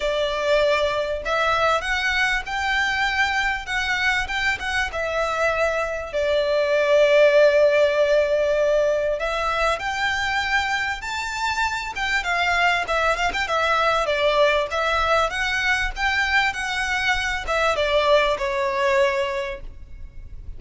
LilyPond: \new Staff \with { instrumentName = "violin" } { \time 4/4 \tempo 4 = 98 d''2 e''4 fis''4 | g''2 fis''4 g''8 fis''8 | e''2 d''2~ | d''2. e''4 |
g''2 a''4. g''8 | f''4 e''8 f''16 g''16 e''4 d''4 | e''4 fis''4 g''4 fis''4~ | fis''8 e''8 d''4 cis''2 | }